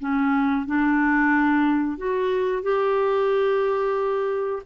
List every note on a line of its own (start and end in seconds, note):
0.00 0.66 C#4
0.66 1.98 D4
1.98 2.63 F#4
2.63 4.63 G4